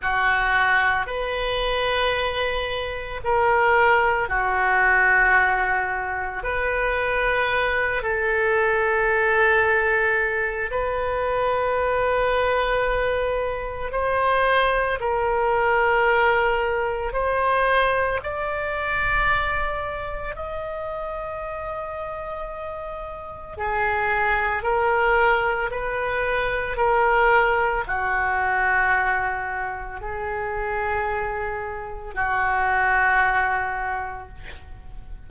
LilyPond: \new Staff \with { instrumentName = "oboe" } { \time 4/4 \tempo 4 = 56 fis'4 b'2 ais'4 | fis'2 b'4. a'8~ | a'2 b'2~ | b'4 c''4 ais'2 |
c''4 d''2 dis''4~ | dis''2 gis'4 ais'4 | b'4 ais'4 fis'2 | gis'2 fis'2 | }